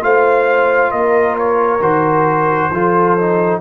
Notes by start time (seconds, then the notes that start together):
0.00 A3 F4 C5 F5
0.91 A#3 A#4 D#5
1.38 C#5
1.80 D#3 F#4 C5
2.71 F3 F4 A4
3.18 D#4